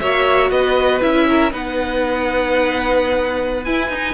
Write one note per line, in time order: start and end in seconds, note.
0.00 0.51 A#3
0.00 1.01 F#4
0.00 0.51 C#5
0.00 0.50 E5
0.51 1.02 B3
0.51 1.27 B4
0.51 1.01 D#5
1.01 1.53 C#4
1.01 1.51 E4
1.01 1.53 E5
1.29 1.53 A#4
1.51 3.67 B3
1.51 3.65 D#4
1.51 4.14 B4
1.51 3.65 F#5
3.65 3.91 E4
3.65 3.89 E4
3.65 4.14 G#5
3.89 4.14 D#4